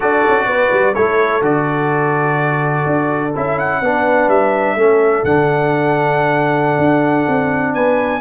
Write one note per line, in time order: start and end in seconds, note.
0.00 0.25 D4
0.00 0.95 F#4
0.00 0.45 A4
0.00 0.94 D5
0.27 0.45 C#4
0.45 0.69 B3
0.45 0.93 B4
0.71 0.95 G3
0.93 1.41 A3
0.93 1.41 E4
0.93 3.79 A4
0.93 1.41 C#5
1.41 2.84 D3
1.41 3.32 F#4
1.41 3.34 D5
2.86 3.33 D4
3.35 3.81 C#4
3.35 3.83 E4
3.35 3.58 E5
3.58 4.29 F#5
3.81 4.28 B3
3.81 4.77 D4
3.81 4.77 B4
4.28 4.75 G3
4.28 5.24 E5
4.75 5.23 A3
4.75 5.25 C#4
4.75 7.74 A4
5.24 6.78 D3
5.24 8.20 D4
5.24 7.74 F#5
6.78 7.25 D4
7.28 7.74 C4
7.74 8.20 B3
7.74 8.20 B4
7.74 8.20 G#5